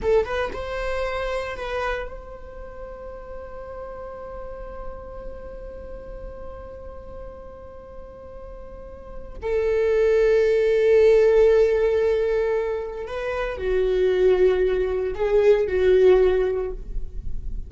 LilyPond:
\new Staff \with { instrumentName = "viola" } { \time 4/4 \tempo 4 = 115 a'8 b'8 c''2 b'4 | c''1~ | c''1~ | c''1~ |
c''2 a'2~ | a'1~ | a'4 b'4 fis'2~ | fis'4 gis'4 fis'2 | }